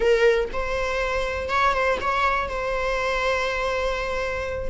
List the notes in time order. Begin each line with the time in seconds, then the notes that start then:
0.00 A#4
0.52 C5
1.49 C#5
1.73 C5
2.00 C#5
2.48 C5